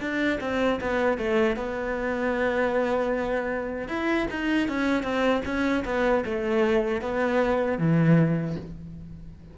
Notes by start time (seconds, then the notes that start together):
0.00 D4
0.41 C4
0.80 B3
1.18 A3
1.56 B3
3.88 E4
4.30 D#4
4.68 C#4
5.03 C4
5.45 C#4
5.85 B3
6.25 A3
7.01 B3
7.78 E3